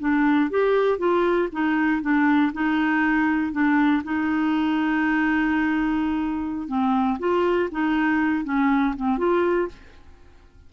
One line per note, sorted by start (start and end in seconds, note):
0.00 0.50 D4
0.51 0.99 G4
0.99 1.49 F4
1.53 2.02 D#4
2.02 2.53 D4
2.54 3.53 D#4
3.53 4.03 D4
4.04 6.68 D#4
6.68 7.19 C4
7.20 7.70 F4
7.72 8.45 D#4
8.45 8.95 C#4
8.97 9.18 C4
9.18 9.69 F4